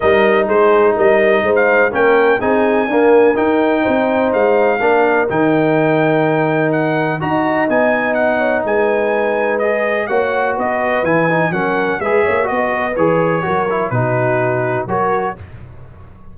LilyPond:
<<
  \new Staff \with { instrumentName = "trumpet" } { \time 4/4 \tempo 4 = 125 dis''4 c''4 dis''4~ dis''16 f''8. | g''4 gis''2 g''4~ | g''4 f''2 g''4~ | g''2 fis''4 ais''4 |
gis''4 fis''4 gis''2 | dis''4 fis''4 dis''4 gis''4 | fis''4 e''4 dis''4 cis''4~ | cis''4 b'2 cis''4 | }
  \new Staff \with { instrumentName = "horn" } { \time 4/4 ais'4 gis'4 ais'4 c''4 | ais'4 gis'4 ais'2 | c''2 ais'2~ | ais'2. dis''4~ |
dis''4. cis''8 b'2~ | b'4 cis''4 b'2 | ais'4 b'8 cis''8 dis''8 b'4. | ais'4 fis'2 ais'4 | }
  \new Staff \with { instrumentName = "trombone" } { \time 4/4 dis'1 | cis'4 dis'4 ais4 dis'4~ | dis'2 d'4 dis'4~ | dis'2. fis'4 |
dis'1 | gis'4 fis'2 e'8 dis'8 | cis'4 gis'4 fis'4 gis'4 | fis'8 e'8 dis'2 fis'4 | }
  \new Staff \with { instrumentName = "tuba" } { \time 4/4 g4 gis4 g4 gis4 | ais4 c'4 d'4 dis'4 | c'4 gis4 ais4 dis4~ | dis2. dis'4 |
b2 gis2~ | gis4 ais4 b4 e4 | fis4 gis8 ais8 b4 e4 | fis4 b,2 fis4 | }
>>